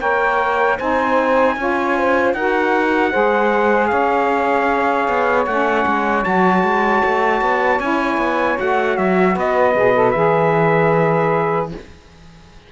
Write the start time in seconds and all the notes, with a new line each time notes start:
0.00 A#3 A#4 C#5 G5
0.78 C4 D#4 C5 G#5
1.57 C#4 F4 C#5
1.97 C5
2.34 D#4 F#4 A#4 F#5
3.12 G#3 G#4 C5
3.88 C#4 C#5 F5
5.08 B3
5.46 A3 C#4 F#5
5.87 G#3
6.24 F#3 F#4 A5
6.63 G#3
7.05 A3
7.41 B3
7.80 C#4 E4 G#5
8.18 B3
8.56 A3 F#4 F#5
8.98 F#3 E5
9.35 B3 B4 D#5
9.75 B2 G#4
9.95 A4
10.11 E3 G#4 E5